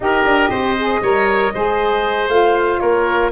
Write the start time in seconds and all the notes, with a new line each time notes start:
0.00 D#4 G4 A#4 D#5
0.24 D4
0.49 C4 C5
0.78 G#4
1.01 G3 A#4 C#5
1.54 G#3 G#4 C5
2.27 A3 F4 F5
2.79 A#3 A#4 C#5